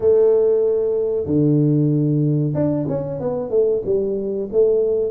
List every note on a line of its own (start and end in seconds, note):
0.00 1.26 A3
1.26 2.53 D3
2.54 2.86 D4
2.88 3.19 C#4
3.19 3.50 B3
3.50 3.82 A3
3.85 4.49 G3
4.52 5.11 A3